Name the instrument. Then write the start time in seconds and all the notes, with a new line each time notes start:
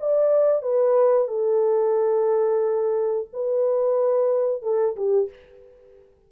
horn
0.00 D5
0.63 B4
1.28 A4
3.34 B4
4.63 A4
4.97 G4